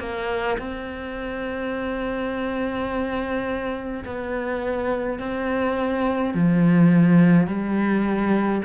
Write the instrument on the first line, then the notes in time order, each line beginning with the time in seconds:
cello
0.00 A#3
0.58 C4
4.05 B3
5.19 C4
6.35 F3
7.47 G3